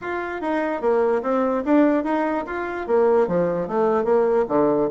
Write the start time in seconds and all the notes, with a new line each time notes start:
0.01 F4
0.41 D#4
0.81 A#3
1.22 C4
1.64 D4
2.04 D#4
2.46 F4
2.87 A#3
3.27 F3
3.67 A3
4.04 A#3
4.48 D3